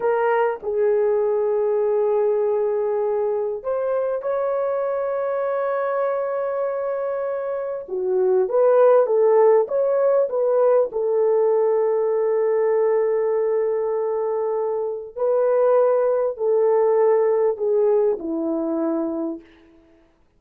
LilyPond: \new Staff \with { instrumentName = "horn" } { \time 4/4 \tempo 4 = 99 ais'4 gis'2.~ | gis'2 c''4 cis''4~ | cis''1~ | cis''4 fis'4 b'4 a'4 |
cis''4 b'4 a'2~ | a'1~ | a'4 b'2 a'4~ | a'4 gis'4 e'2 | }